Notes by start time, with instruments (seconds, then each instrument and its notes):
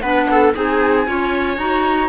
0.00 cello B3, clarinet D4, viola B4, flute F#5
0.31 viola A4
0.54 cello C4, clarinet D#4, viola G#4, flute G#5
1.06 cello C#4, clarinet F4, viola C#5
1.57 cello D#4, clarinet F#4, flute A#5